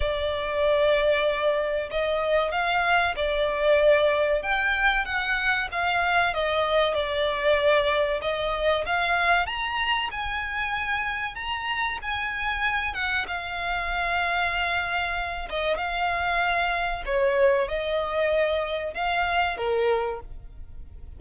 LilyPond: \new Staff \with { instrumentName = "violin" } { \time 4/4 \tempo 4 = 95 d''2. dis''4 | f''4 d''2 g''4 | fis''4 f''4 dis''4 d''4~ | d''4 dis''4 f''4 ais''4 |
gis''2 ais''4 gis''4~ | gis''8 fis''8 f''2.~ | f''8 dis''8 f''2 cis''4 | dis''2 f''4 ais'4 | }